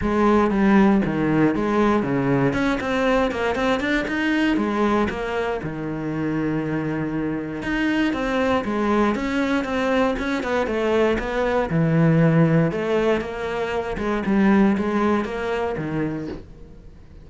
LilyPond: \new Staff \with { instrumentName = "cello" } { \time 4/4 \tempo 4 = 118 gis4 g4 dis4 gis4 | cis4 cis'8 c'4 ais8 c'8 d'8 | dis'4 gis4 ais4 dis4~ | dis2. dis'4 |
c'4 gis4 cis'4 c'4 | cis'8 b8 a4 b4 e4~ | e4 a4 ais4. gis8 | g4 gis4 ais4 dis4 | }